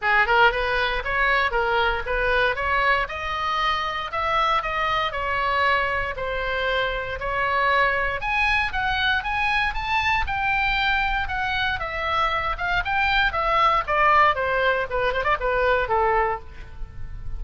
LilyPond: \new Staff \with { instrumentName = "oboe" } { \time 4/4 \tempo 4 = 117 gis'8 ais'8 b'4 cis''4 ais'4 | b'4 cis''4 dis''2 | e''4 dis''4 cis''2 | c''2 cis''2 |
gis''4 fis''4 gis''4 a''4 | g''2 fis''4 e''4~ | e''8 f''8 g''4 e''4 d''4 | c''4 b'8 c''16 d''16 b'4 a'4 | }